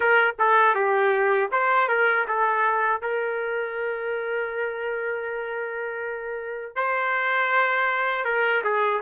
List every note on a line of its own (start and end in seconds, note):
0.00 0.34 A#4
0.38 0.75 A4
0.75 1.50 G4
1.51 1.88 C5
1.88 2.25 A#4
2.27 3.01 A4
3.01 6.75 A#4
6.75 8.24 C5
8.24 8.62 A#4
8.64 9.01 G#4